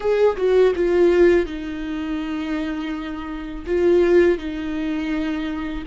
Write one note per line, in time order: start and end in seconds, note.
0.00 0.36 G#4
0.36 0.73 F#4
0.75 1.45 F4
1.45 3.65 D#4
3.66 4.37 F4
4.37 5.84 D#4